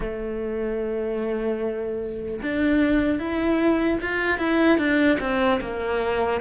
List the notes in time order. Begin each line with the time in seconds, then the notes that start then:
0.00 A3
2.42 D4
3.19 E4
4.01 F4
4.38 E4
4.78 D4
5.20 C4
5.60 A#3